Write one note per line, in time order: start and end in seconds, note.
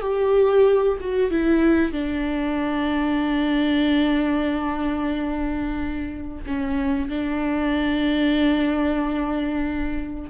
0.00 0.97 G4
1.00 1.30 F#4
1.30 1.92 E4
1.92 6.43 D4
6.46 7.09 C#4
7.09 10.29 D4